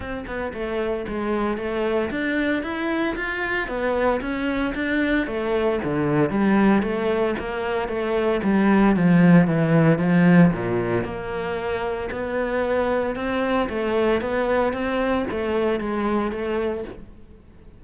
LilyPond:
\new Staff \with { instrumentName = "cello" } { \time 4/4 \tempo 4 = 114 c'8 b8 a4 gis4 a4 | d'4 e'4 f'4 b4 | cis'4 d'4 a4 d4 | g4 a4 ais4 a4 |
g4 f4 e4 f4 | ais,4 ais2 b4~ | b4 c'4 a4 b4 | c'4 a4 gis4 a4 | }